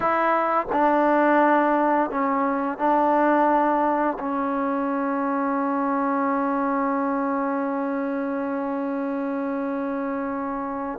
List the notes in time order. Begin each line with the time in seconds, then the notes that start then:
0.00 E4
0.72 D4
2.10 C#4
2.78 D4
4.19 C#4